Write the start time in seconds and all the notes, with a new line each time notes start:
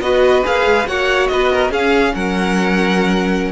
0.00 B3 F#4 B4 D#5
0.43 A#3 G#4 F5
0.66 G#3
0.87 A#3 F#4 C#5 F#5
1.27 B3 B4 D#5
1.52 A#4
1.69 C#4 G#4 F5
2.14 F#3 A#4 F#5